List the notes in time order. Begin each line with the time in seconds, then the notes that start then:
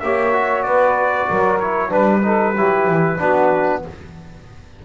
0.00 A#3 G4 C#5 E5
0.33 F#4
0.63 B3 B4 D5
1.29 F#3 A#4
1.60 E4 C#5
1.88 G3 D4 B4
2.22 D#4 A4
2.54 F#3 E4 G4
2.87 E3
3.18 B3 D4 F#4